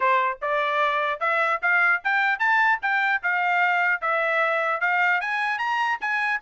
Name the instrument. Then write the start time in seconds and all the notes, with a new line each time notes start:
trumpet
0.00 C5
0.41 D5
1.19 E5
1.62 F5
2.04 G5
2.39 A5
2.81 G5
3.22 F5
4.01 E5
4.81 F5
5.21 G#5
5.58 A#5
6.00 G#5